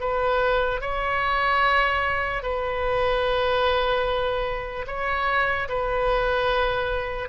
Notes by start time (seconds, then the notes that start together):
0.00 B4
0.81 C#5
2.43 B4
4.87 C#5
5.68 B4